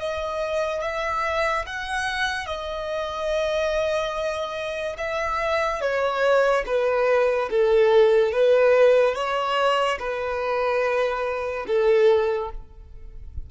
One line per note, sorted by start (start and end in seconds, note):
0.00 0.82 D#5
0.82 1.66 E5
1.67 2.47 F#5
2.47 4.97 D#5
4.98 5.81 E5
5.81 6.65 C#5
6.67 7.50 B4
7.51 8.32 A4
8.32 9.15 B4
9.15 9.98 C#5
10.00 11.66 B4
11.67 12.51 A4